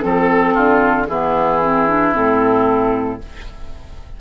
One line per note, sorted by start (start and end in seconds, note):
0.00 0.56 F3
0.00 1.07 C4
0.00 1.05 A4
0.00 0.54 A4
0.54 1.09 D3
0.54 1.07 F4
1.07 2.14 E3
1.07 1.62 B3
1.07 3.20 E4
1.07 2.12 G#4
1.62 1.88 C4
1.88 2.14 D4
2.14 3.20 A2
2.14 3.19 C4
2.14 3.21 A4